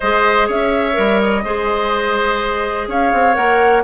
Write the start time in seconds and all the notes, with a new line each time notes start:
0.00 G#3 G#4 C5 D#5
0.47 C#4 C#5 E5
0.93 G3 A#4
1.21 D#5
1.44 G#3 G#4 C5
2.87 C#4 C#5 F5
3.12 C4
3.33 A#3 A#4 F#5